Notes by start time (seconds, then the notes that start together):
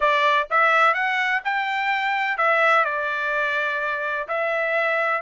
0.00 D5
0.50 E5
0.94 F#5
1.44 G5
2.37 E5
2.84 D5
4.27 E5